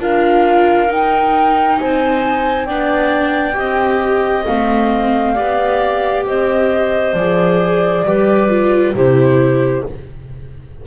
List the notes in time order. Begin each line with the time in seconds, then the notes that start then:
0.00 D4 F4 A#4 F5
0.88 D#4 G5
1.78 C4 C5 G#5
2.66 B3 D4 D5 G5
3.53 C4 G4 D#5
4.46 A3 C4 F5
5.34 B3 G4 D5
6.26 C4 C5 D#5
7.14 F3 G#4 D5
8.04 G3 G4 B4
8.49 F4
8.94 C3 E4 G4 C5